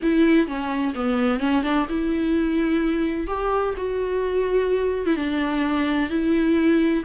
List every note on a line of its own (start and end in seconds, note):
0.02 0.47 E4
0.47 0.94 C#4
0.95 1.39 B3
1.39 1.63 C#4
1.63 1.86 D4
1.89 3.27 E4
3.27 3.74 G4
3.77 5.06 F#4
5.06 5.16 E4
5.16 6.09 D4
6.09 7.03 E4